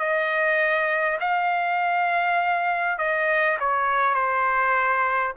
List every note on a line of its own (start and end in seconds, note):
0.00 1.19 D#5
1.20 2.99 F5
2.99 3.58 D#5
3.60 4.15 C#5
4.15 5.34 C5